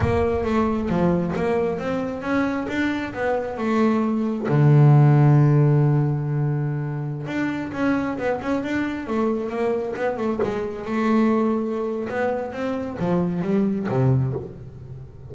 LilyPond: \new Staff \with { instrumentName = "double bass" } { \time 4/4 \tempo 4 = 134 ais4 a4 f4 ais4 | c'4 cis'4 d'4 b4 | a2 d2~ | d1~ |
d16 d'4 cis'4 b8 cis'8 d'8.~ | d'16 a4 ais4 b8 a8 gis8.~ | gis16 a2~ a8. b4 | c'4 f4 g4 c4 | }